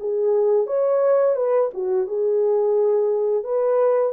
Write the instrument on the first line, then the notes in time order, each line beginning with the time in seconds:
horn
0.00 G#4
0.67 C#5
1.36 B4
1.74 F#4
2.07 G#4
3.44 B4